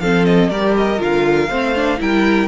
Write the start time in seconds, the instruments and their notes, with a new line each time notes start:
0.00 cello F3, viola C4, violin A4 F5
0.25 violin D#5
0.50 cello G3, viola G4, violin A#4 D5
0.77 violin D#5
0.98 cello D3, viola F4, violin F5
1.49 cello A3, viola C4, violin C5
1.76 viola D4
1.98 cello G3, viola E4, violin A#4 G5